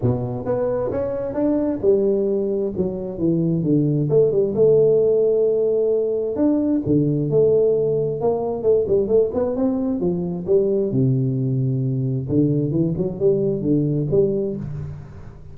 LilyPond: \new Staff \with { instrumentName = "tuba" } { \time 4/4 \tempo 4 = 132 b,4 b4 cis'4 d'4 | g2 fis4 e4 | d4 a8 g8 a2~ | a2 d'4 d4 |
a2 ais4 a8 g8 | a8 b8 c'4 f4 g4 | c2. d4 | e8 fis8 g4 d4 g4 | }